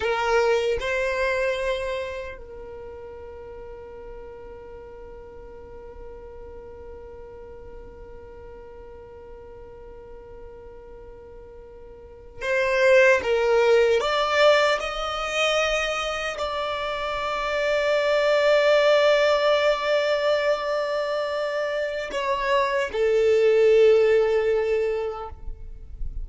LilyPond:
\new Staff \with { instrumentName = "violin" } { \time 4/4 \tempo 4 = 76 ais'4 c''2 ais'4~ | ais'1~ | ais'1~ | ais'2.~ ais'8. c''16~ |
c''8. ais'4 d''4 dis''4~ dis''16~ | dis''8. d''2.~ d''16~ | d''1 | cis''4 a'2. | }